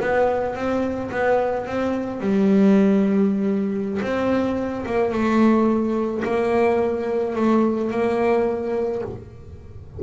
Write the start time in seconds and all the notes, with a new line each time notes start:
0.00 B3
0.55 C4
1.11 B3
1.66 C4
2.20 G3
4.02 C4
4.85 A#3
5.12 A3
6.24 A#3
7.35 A3
7.91 A#3